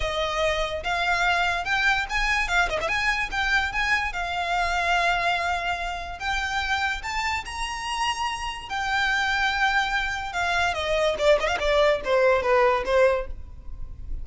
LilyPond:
\new Staff \with { instrumentName = "violin" } { \time 4/4 \tempo 4 = 145 dis''2 f''2 | g''4 gis''4 f''8 dis''16 e''16 gis''4 | g''4 gis''4 f''2~ | f''2. g''4~ |
g''4 a''4 ais''2~ | ais''4 g''2.~ | g''4 f''4 dis''4 d''8 dis''16 f''16 | d''4 c''4 b'4 c''4 | }